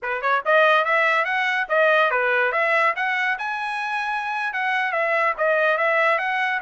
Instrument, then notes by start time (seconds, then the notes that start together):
trumpet
0.02 B4
0.21 C#5
0.45 D#5
0.84 E5
1.24 F#5
1.69 D#5
2.10 B4
2.52 E5
2.95 F#5
3.38 G#5
4.53 F#5
4.91 E5
5.37 D#5
5.77 E5
6.18 F#5